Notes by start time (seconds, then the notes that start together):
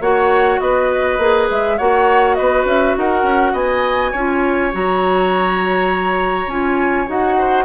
0.00 A#3 F#4 C#5 F#5
0.59 B3 B4 D#5
1.18 A#3 G#4
1.50 G#3 E5
1.77 A#3 F#4 C#5 F#5
2.35 B3 B4 D#5
2.65 C#4 E5
2.97 D#4 A#4 F#5
3.23 C#4
3.53 B3 D#5 G#5
4.11 C#4 F4 C#5
4.71 F#3 F#4 A#5
6.47 C#4 F4 G#5
7.07 D#4 F#4 F#5
7.38 C5